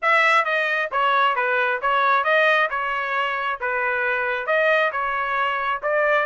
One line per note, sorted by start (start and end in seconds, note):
0.01 0.44 E5
0.44 0.89 D#5
0.91 1.35 C#5
1.35 1.80 B4
1.81 2.24 C#5
2.24 2.68 D#5
2.70 3.59 C#5
3.60 4.46 B4
4.46 4.91 D#5
4.91 5.81 C#5
5.82 6.26 D5